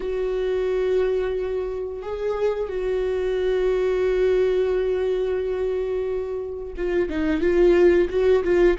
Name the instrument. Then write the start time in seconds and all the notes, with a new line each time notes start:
viola
0.00 F#4
2.02 G#4
2.68 F#4
6.77 F4
7.09 D#4
7.40 F4
8.09 F#4
8.43 F4